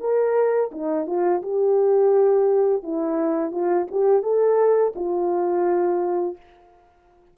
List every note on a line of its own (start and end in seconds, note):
0.00 0.71 A#4
0.72 1.07 D#4
1.07 1.42 F4
1.42 2.83 G4
2.83 3.51 E4
3.51 3.87 F4
3.91 4.23 G4
4.23 4.93 A4
4.95 6.37 F4